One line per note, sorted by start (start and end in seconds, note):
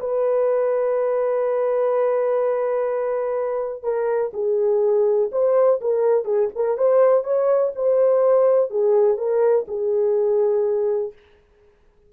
0.00 3.83 B4
3.83 4.32 A#4
4.33 5.30 G#4
5.32 5.80 C5
5.81 6.25 A#4
6.25 6.49 G#4
6.55 6.78 A#4
6.78 7.24 C5
7.24 7.72 C#5
7.76 8.70 C5
8.70 9.18 G#4
9.18 9.66 A#4
9.68 11.13 G#4